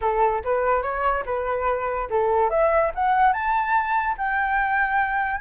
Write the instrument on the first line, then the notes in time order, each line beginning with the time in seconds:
flute
0.01 A4
0.44 B4
0.82 C#5
1.25 B4
2.09 A4
2.49 E5
2.95 F#5
3.32 A5
4.17 G5